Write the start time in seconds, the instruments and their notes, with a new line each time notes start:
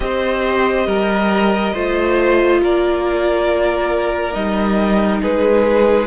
0.00 cello C4, viola G4, violin C5 D#5
0.86 cello G3, violin A#4
1.73 cello A3, viola F4, violin C5
2.61 cello A#3, violin A#4 D5
4.32 cello G3, viola D#4, violin D#5
5.21 cello G#3, violin G#4 B4